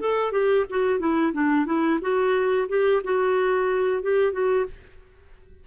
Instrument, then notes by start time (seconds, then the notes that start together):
clarinet
0.00 A4
0.32 G4
0.70 F#4
0.99 E4
1.33 D4
1.66 E4
2.01 F#4
2.68 G4
3.04 F#4
4.02 G4
4.32 F#4